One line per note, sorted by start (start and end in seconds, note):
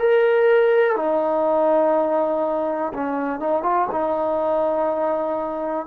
0.00 0.96 A#4
0.96 2.93 D#4
2.94 3.40 C#4
3.40 3.63 D#4
3.63 3.88 F4
3.92 5.87 D#4